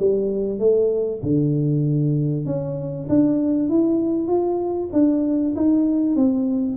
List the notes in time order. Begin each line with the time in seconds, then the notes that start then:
0.00 G3
0.59 A3
1.23 D3
2.46 C#4
3.09 D4
3.69 E4
4.28 F4
4.93 D4
5.56 D#4
6.16 C4